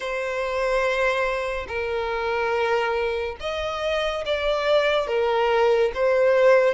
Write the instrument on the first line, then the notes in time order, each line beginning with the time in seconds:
violin
0.00 C5
1.67 A#4
3.40 D#5
4.25 D5
5.07 A#4
5.94 C5